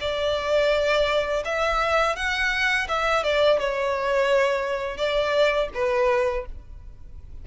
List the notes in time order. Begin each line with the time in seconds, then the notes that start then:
0.00 D5
1.44 E5
2.16 F#5
2.88 E5
3.23 D5
3.59 C#5
4.97 D5
5.74 B4